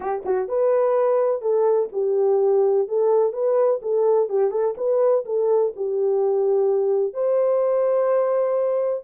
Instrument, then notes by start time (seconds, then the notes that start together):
horn
0.00 G4
0.25 F#4
0.48 B4
1.41 A4
1.92 G4
2.87 A4
3.32 B4
3.82 A4
4.29 G4
4.51 A4
4.77 B4
5.25 A4
5.76 G4
7.13 C5